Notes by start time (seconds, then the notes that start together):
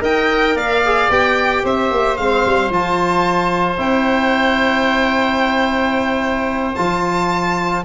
0.00 D#4 A#4 D#5 G5
0.55 A#3 D5 F5
0.85 G#4
1.10 B3 G4 G5
1.64 C4 C5 E5
1.91 A#3
2.17 G#3 C4 F5
2.45 G3
2.69 F3 F4 A5
3.77 C4 E4 G5
6.75 F3 F4 A5